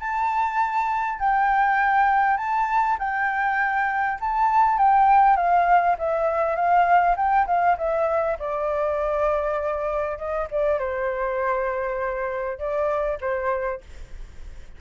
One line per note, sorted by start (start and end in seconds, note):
0.00 1.19 A5
1.19 2.37 G5
2.37 2.97 A5
2.99 4.19 G5
4.21 4.78 A5
4.78 5.37 G5
5.37 5.97 F5
5.99 6.56 E5
6.56 7.16 F5
7.17 7.47 G5
7.47 7.77 F5
7.78 8.38 E5
8.39 10.18 D5
10.18 10.48 D#5
10.51 10.79 D5
10.79 12.59 C5
12.59 13.19 D5
13.21 13.81 C5